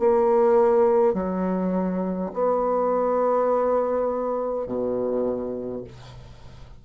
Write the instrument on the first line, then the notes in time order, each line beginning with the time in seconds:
bassoon
0.00 A#3
1.14 F#3
2.34 B3
4.67 B2